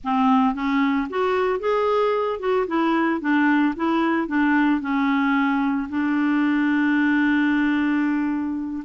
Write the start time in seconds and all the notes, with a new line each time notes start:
0.04 C4
0.54 C#4
1.09 F#4
1.59 G#4
2.39 F#4
2.67 E4
3.20 D4
3.75 E4
4.27 D4
4.81 C#4
5.89 D4